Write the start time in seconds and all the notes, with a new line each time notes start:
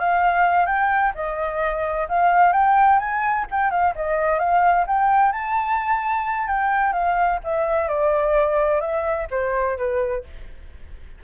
0.00 F5
0.67 G5
1.15 D#5
2.09 F5
2.53 G5
2.99 G#5
3.51 G5
3.71 F5
3.96 D#5
4.40 F5
4.87 G5
5.33 A5
6.48 G5
6.93 F5
7.44 E5
7.89 D5
8.81 E5
9.31 C5
9.78 B4